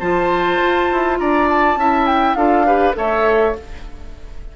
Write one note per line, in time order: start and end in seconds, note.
0.00 0.60 F3
0.00 1.78 F4
0.00 1.18 C5
0.00 1.18 A5
0.63 0.92 F4
0.92 1.20 E4
1.19 1.76 D4
1.19 1.79 D5
1.19 1.49 A#5
1.50 2.06 A5
1.76 2.35 C#4
1.76 2.37 E4
1.76 2.37 E5
2.06 2.35 G5
2.35 2.95 D4
2.35 2.66 F4
2.35 2.67 A4
2.35 2.94 F5
2.66 2.94 G4
2.66 2.96 B4
2.94 3.56 A3
2.94 3.53 A4
2.94 3.57 C#5
2.94 3.57 E5